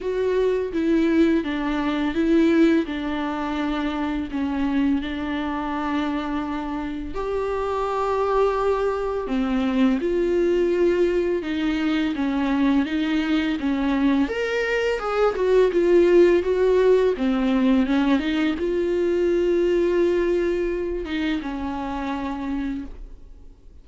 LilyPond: \new Staff \with { instrumentName = "viola" } { \time 4/4 \tempo 4 = 84 fis'4 e'4 d'4 e'4 | d'2 cis'4 d'4~ | d'2 g'2~ | g'4 c'4 f'2 |
dis'4 cis'4 dis'4 cis'4 | ais'4 gis'8 fis'8 f'4 fis'4 | c'4 cis'8 dis'8 f'2~ | f'4. dis'8 cis'2 | }